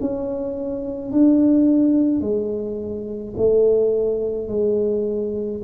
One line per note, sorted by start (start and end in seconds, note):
0.00 1.11 C#4
1.11 2.20 D4
2.20 3.33 G#3
3.37 4.48 A3
4.48 5.61 G#3